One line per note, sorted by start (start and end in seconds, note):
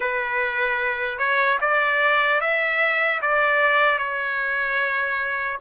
0.00 1.18 B4
1.18 1.58 C#5
1.60 2.40 D5
2.40 3.20 E5
3.21 3.98 D5
3.98 5.58 C#5